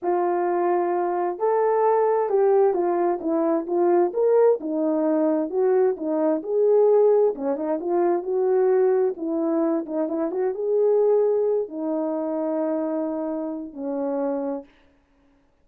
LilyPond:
\new Staff \with { instrumentName = "horn" } { \time 4/4 \tempo 4 = 131 f'2. a'4~ | a'4 g'4 f'4 e'4 | f'4 ais'4 dis'2 | fis'4 dis'4 gis'2 |
cis'8 dis'8 f'4 fis'2 | e'4. dis'8 e'8 fis'8 gis'4~ | gis'4. dis'2~ dis'8~ | dis'2 cis'2 | }